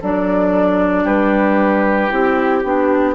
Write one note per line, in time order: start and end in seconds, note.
0.00 1.04 F#3
0.00 2.09 D4
0.00 1.03 A4
0.00 1.06 D5
1.03 2.09 G3
1.03 3.14 G4
1.03 2.12 B4
2.09 2.63 C4
2.09 2.62 E4
2.09 3.14 G4
2.63 3.14 B3
2.63 3.14 D4